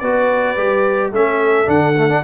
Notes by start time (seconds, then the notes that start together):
0.00 B3 F#4 B4 D5
0.57 G3 G4
1.12 A3 C#4 A4 E5
1.66 D3 D4 F#5
1.97 A3
2.10 D4